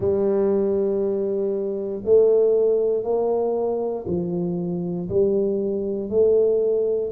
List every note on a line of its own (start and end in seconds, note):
0.00 2.02 G3
2.04 3.03 A3
3.03 4.05 A#3
4.07 5.08 F3
5.08 6.09 G3
6.09 7.11 A3